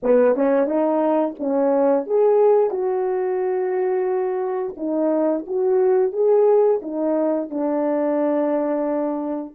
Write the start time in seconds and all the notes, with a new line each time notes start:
0.02 B3
0.35 C#4
0.66 D#4
1.39 C#4
2.06 G#4
2.70 F#4
4.77 D#4
5.46 F#4
6.12 G#4
6.82 D#4
7.50 D4